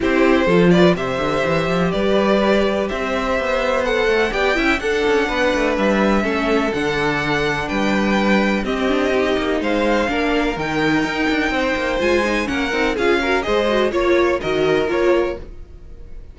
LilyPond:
<<
  \new Staff \with { instrumentName = "violin" } { \time 4/4 \tempo 4 = 125 c''4. d''8 e''2 | d''2 e''2 | fis''4 g''4 fis''2 | e''2 fis''2 |
g''2 dis''2 | f''2 g''2~ | g''4 gis''4 fis''4 f''4 | dis''4 cis''4 dis''4 cis''4 | }
  \new Staff \with { instrumentName = "violin" } { \time 4/4 g'4 a'8 b'8 c''2 | b'2 c''2~ | c''4 d''8 e''8 a'4 b'4~ | b'4 a'2. |
b'2 g'2 | c''4 ais'2. | c''2 ais'4 gis'8 ais'8 | c''4 cis''4 ais'2 | }
  \new Staff \with { instrumentName = "viola" } { \time 4/4 e'4 f'4 g'2~ | g'1 | a'4 g'8 e'8 d'2~ | d'4 cis'4 d'2~ |
d'2 c'8 d'8 dis'4~ | dis'4 d'4 dis'2~ | dis'4 f'8 dis'8 cis'8 dis'8 f'8 fis'8 | gis'8 fis'8 f'4 fis'4 f'4 | }
  \new Staff \with { instrumentName = "cello" } { \time 4/4 c'4 f4 c8 d8 e8 f8 | g2 c'4 b4~ | b8 a8 b8 cis'8 d'8 cis'8 b8 a8 | g4 a4 d2 |
g2 c'4. ais8 | gis4 ais4 dis4 dis'8 d'8 | c'8 ais8 gis4 ais8 c'8 cis'4 | gis4 ais4 dis4 ais4 | }
>>